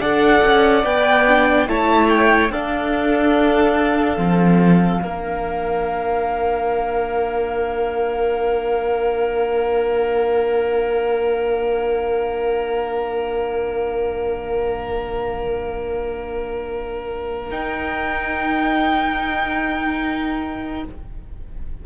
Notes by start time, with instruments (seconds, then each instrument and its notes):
0.00 cello D4, viola A4, violin D5 F#5
0.44 cello C#4
0.83 cello B3, viola B4, violin G5
1.28 viola D4
1.67 cello A3, viola E4, violin C#5 A5
2.09 violin G5
2.50 cello D4, viola D4, violin A4 F5
4.17 cello F3, viola C4
4.99 cello A#3, viola D4, violin A#4
17.50 cello D#4, viola D#4, violin G5